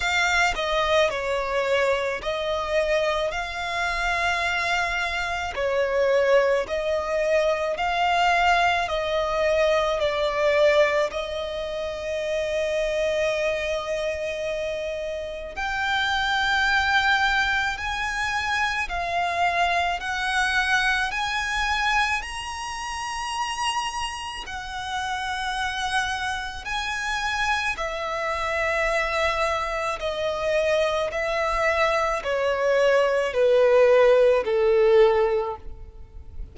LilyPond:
\new Staff \with { instrumentName = "violin" } { \time 4/4 \tempo 4 = 54 f''8 dis''8 cis''4 dis''4 f''4~ | f''4 cis''4 dis''4 f''4 | dis''4 d''4 dis''2~ | dis''2 g''2 |
gis''4 f''4 fis''4 gis''4 | ais''2 fis''2 | gis''4 e''2 dis''4 | e''4 cis''4 b'4 a'4 | }